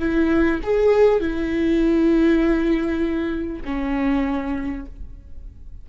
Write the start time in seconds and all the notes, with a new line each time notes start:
0.00 E4
0.64 G#4
1.21 E4
3.65 C#4